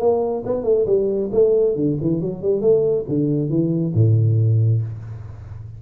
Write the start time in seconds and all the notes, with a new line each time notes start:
0.00 A#3
0.46 B3
0.64 A3
0.87 G3
1.32 A3
1.76 D3
2.02 E3
2.21 F#3
2.42 G3
2.62 A3
3.09 D3
3.50 E3
3.95 A2